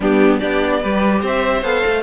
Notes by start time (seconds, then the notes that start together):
0.00 G3 B3 D4 G4
0.39 B3 D4 G4 D5
0.81 G3 G4 B4
1.21 C4 C5 E5
1.62 B3 A4 F5
1.86 A3